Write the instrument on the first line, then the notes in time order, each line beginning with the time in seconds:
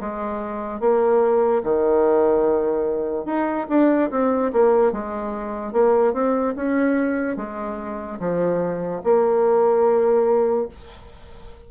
bassoon
0.00 G#3
0.80 A#3
1.63 D#3
3.25 D#4
3.69 D4
4.11 C4
4.52 A#3
4.92 G#3
5.72 A#3
6.13 C4
6.56 C#4
7.36 G#3
8.19 F3
9.03 A#3